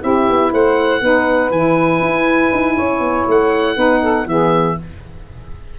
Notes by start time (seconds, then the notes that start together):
0.00 C4 E4 G4 E5
0.29 B3
0.52 A3 C5 F#5
1.01 B3 D#4 B4
1.50 E3 E4 G#5
2.00 E4
2.52 D#4
2.75 C#4 C#5
3.00 B3
3.27 A3 F#5
3.76 B3 D#4 B4
4.00 A4
4.26 E3 B3 G#4 E5